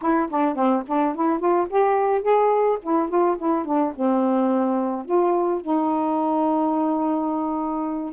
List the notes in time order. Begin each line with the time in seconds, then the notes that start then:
0.01 E4
0.30 D4
0.55 C4
0.87 D4
1.15 E4
1.39 F4
1.69 G4
2.22 G#4
2.82 E4
3.08 F4
3.37 E4
3.65 D4
3.95 C4
5.05 F4
5.61 D#4